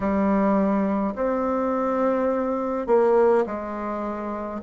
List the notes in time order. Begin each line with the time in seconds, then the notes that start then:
0.00 G3
1.15 C4
2.86 A#3
3.46 G#3